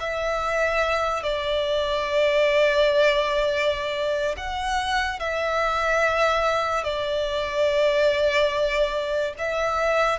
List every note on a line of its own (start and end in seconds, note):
0.00 1.23 E5
1.23 4.36 D5
4.37 5.20 F#5
5.20 6.84 E5
6.84 9.34 D5
9.38 10.19 E5